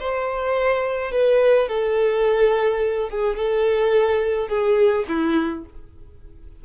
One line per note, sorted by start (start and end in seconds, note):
0.00 1.12 C5
1.12 1.69 B4
1.69 3.10 A4
3.10 3.37 G#4
3.37 4.49 A4
4.49 5.06 G#4
5.09 5.65 E4